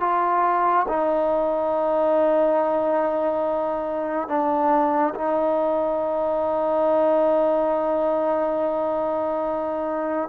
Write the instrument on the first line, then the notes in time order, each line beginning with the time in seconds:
trombone
0.00 F4
0.88 D#4
4.28 D4
5.14 D#4